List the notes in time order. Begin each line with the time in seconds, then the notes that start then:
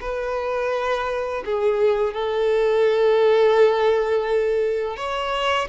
0.00 B4
1.45 G#4
2.13 A4
4.96 C#5